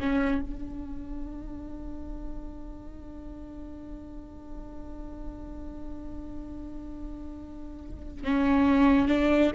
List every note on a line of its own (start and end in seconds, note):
0.00 0.42 C#4
0.42 8.24 D4
8.24 9.08 C#4
9.08 9.51 D4